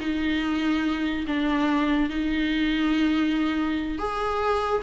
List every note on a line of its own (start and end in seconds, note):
0.00 1.26 D#4
1.27 2.10 D4
2.10 3.98 D#4
3.99 4.83 G#4